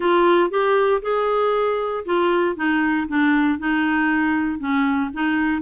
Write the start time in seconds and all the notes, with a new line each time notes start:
0.00 F4
0.50 G4
1.01 G#4
2.05 F4
2.55 D#4
3.07 D4
3.59 D#4
4.59 C#4
5.13 D#4